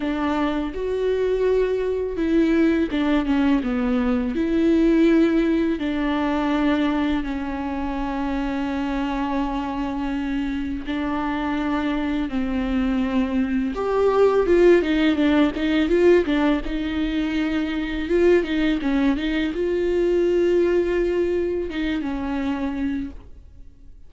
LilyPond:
\new Staff \with { instrumentName = "viola" } { \time 4/4 \tempo 4 = 83 d'4 fis'2 e'4 | d'8 cis'8 b4 e'2 | d'2 cis'2~ | cis'2. d'4~ |
d'4 c'2 g'4 | f'8 dis'8 d'8 dis'8 f'8 d'8 dis'4~ | dis'4 f'8 dis'8 cis'8 dis'8 f'4~ | f'2 dis'8 cis'4. | }